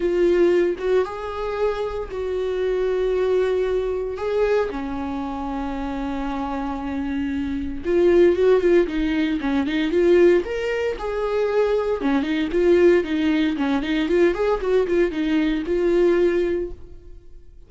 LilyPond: \new Staff \with { instrumentName = "viola" } { \time 4/4 \tempo 4 = 115 f'4. fis'8 gis'2 | fis'1 | gis'4 cis'2.~ | cis'2. f'4 |
fis'8 f'8 dis'4 cis'8 dis'8 f'4 | ais'4 gis'2 cis'8 dis'8 | f'4 dis'4 cis'8 dis'8 f'8 gis'8 | fis'8 f'8 dis'4 f'2 | }